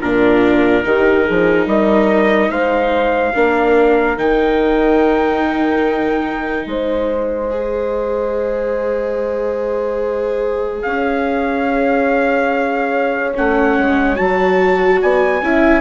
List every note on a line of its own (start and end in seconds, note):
0.00 0.85 A#2
0.00 0.83 D4
0.00 0.83 F4
0.00 1.68 A#4
0.83 1.27 D#3
0.83 3.33 D#4
0.83 1.24 G4
1.24 1.66 F3
1.24 1.66 G#4
1.66 2.49 G3
1.66 2.50 A#4
1.66 2.51 D#5
2.49 3.32 G#3
2.49 3.33 C5
2.49 4.17 F5
3.34 4.18 A#3
3.34 4.17 D4
3.34 6.67 A#4
4.17 6.65 D#3
4.17 7.49 D#4
4.17 6.67 G5
6.65 10.82 G#3
6.65 10.86 C5
6.65 10.82 D#5
7.49 13.33 G#4
10.82 13.35 C#4
10.82 15.01 C#5
10.82 13.32 F5
13.35 13.77 A3
13.35 14.15 C#4
13.35 14.16 F#5
13.77 14.18 G#3
14.15 15.02 F#3
14.15 15.40 F#4
14.15 14.99 A5
15.01 15.41 B3
15.01 15.43 D5
15.01 15.81 G#5
15.41 15.81 C#4
15.41 15.81 E4
15.41 15.81 E5